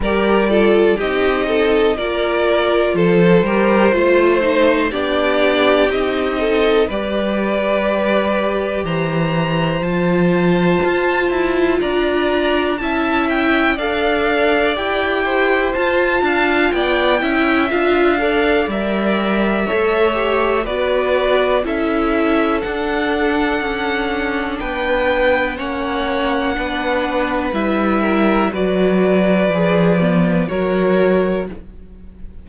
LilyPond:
<<
  \new Staff \with { instrumentName = "violin" } { \time 4/4 \tempo 4 = 61 d''4 dis''4 d''4 c''4~ | c''4 d''4 dis''4 d''4~ | d''4 ais''4 a''2 | ais''4 a''8 g''8 f''4 g''4 |
a''4 g''4 f''4 e''4~ | e''4 d''4 e''4 fis''4~ | fis''4 g''4 fis''2 | e''4 d''2 cis''4 | }
  \new Staff \with { instrumentName = "violin" } { \time 4/4 ais'8 a'8 g'8 a'8 ais'4 a'8 ais'8 | c''4 g'4. a'8 b'4~ | b'4 c''2. | d''4 e''4 d''4. c''8~ |
c''8 f''8 d''8 e''4 d''4. | cis''4 b'4 a'2~ | a'4 b'4 cis''4 b'4~ | b'8 ais'8 b'2 ais'4 | }
  \new Staff \with { instrumentName = "viola" } { \time 4/4 g'8 f'8 dis'4 f'4. g'8 | f'8 dis'8 d'4 dis'4 g'4~ | g'2 f'2~ | f'4 e'4 a'4 g'4 |
f'4. e'8 f'8 a'8 ais'4 | a'8 g'8 fis'4 e'4 d'4~ | d'2 cis'4 d'4 | e'4 fis'4 gis'8 b8 fis'4 | }
  \new Staff \with { instrumentName = "cello" } { \time 4/4 g4 c'4 ais4 f8 g8 | a4 b4 c'4 g4~ | g4 e4 f4 f'8 e'8 | d'4 cis'4 d'4 e'4 |
f'8 d'8 b8 cis'8 d'4 g4 | a4 b4 cis'4 d'4 | cis'4 b4 ais4 b4 | g4 fis4 f4 fis4 | }
>>